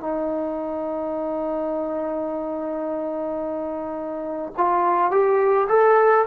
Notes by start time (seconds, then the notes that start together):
0.00 D#4
4.57 F4
5.10 G4
5.69 A4